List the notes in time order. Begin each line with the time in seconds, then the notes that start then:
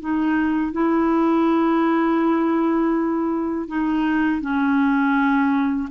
0.00 D#4
0.72 E4
3.68 D#4
4.41 C#4